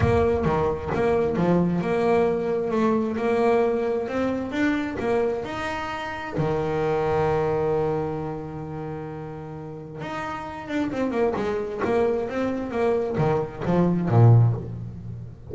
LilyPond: \new Staff \with { instrumentName = "double bass" } { \time 4/4 \tempo 4 = 132 ais4 dis4 ais4 f4 | ais2 a4 ais4~ | ais4 c'4 d'4 ais4 | dis'2 dis2~ |
dis1~ | dis2 dis'4. d'8 | c'8 ais8 gis4 ais4 c'4 | ais4 dis4 f4 ais,4 | }